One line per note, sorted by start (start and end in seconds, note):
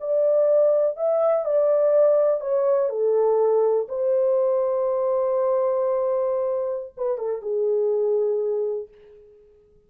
0.00 0.96 D5
0.96 1.45 E5
1.45 2.40 D5
2.40 2.89 C#5
2.89 3.87 A4
3.88 6.93 C5
6.96 7.17 B4
7.17 7.41 A4
7.41 8.88 G#4